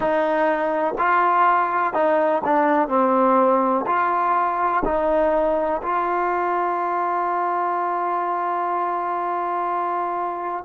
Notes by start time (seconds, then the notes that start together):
0.00 D#4
0.98 F4
1.94 D#4
2.44 D4
2.88 C4
3.86 F4
4.84 D#4
5.82 F4